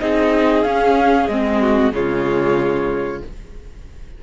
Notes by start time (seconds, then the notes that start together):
0.00 C4 D#4 G#4 D#5
0.63 C#4 F5
1.27 G#3 C4 D#5
1.61 F#4
1.92 C#3 G#3 F4 C#5